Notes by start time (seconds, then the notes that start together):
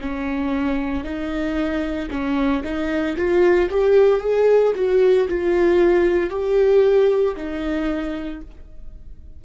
0.00 C#4
1.04 D#4
2.10 C#4
2.63 D#4
3.16 F4
3.70 G4
4.20 G#4
4.75 F#4
5.28 F4
6.30 G4
7.36 D#4